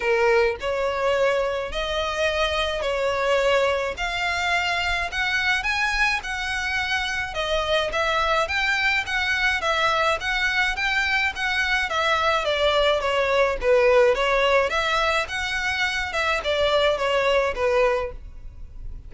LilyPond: \new Staff \with { instrumentName = "violin" } { \time 4/4 \tempo 4 = 106 ais'4 cis''2 dis''4~ | dis''4 cis''2 f''4~ | f''4 fis''4 gis''4 fis''4~ | fis''4 dis''4 e''4 g''4 |
fis''4 e''4 fis''4 g''4 | fis''4 e''4 d''4 cis''4 | b'4 cis''4 e''4 fis''4~ | fis''8 e''8 d''4 cis''4 b'4 | }